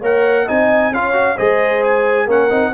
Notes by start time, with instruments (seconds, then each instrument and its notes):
0.00 tuba A#3, trombone A#4, horn C#5, trumpet F#5
0.46 tuba C4, trombone D#4, horn D#5, trumpet G#5
0.92 tuba C#4, trombone F4, horn C#5, trumpet F5
1.14 trombone F#4
1.36 tuba G#3, trombone G#4, horn C5, trumpet D#5
1.84 trumpet G#5
2.26 tuba A#3, trombone C#4, horn A#4, trumpet F#5
2.50 tuba C4, trombone D#4